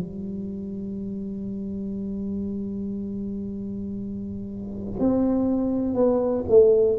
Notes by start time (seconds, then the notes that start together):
0.00 G3
5.00 C4
5.95 B3
6.49 A3